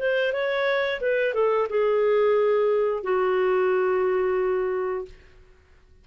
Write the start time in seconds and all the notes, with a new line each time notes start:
0.00 C5
0.33 C#5
1.01 B4
1.35 A4
1.70 G#4
3.04 F#4